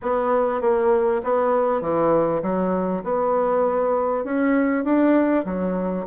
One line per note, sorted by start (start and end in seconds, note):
0.02 0.61 B3
0.61 1.21 A#3
1.23 1.81 B3
1.81 2.42 E3
2.42 3.03 F#3
3.03 4.24 B3
4.24 4.84 C#4
4.84 5.44 D4
5.45 6.06 F#3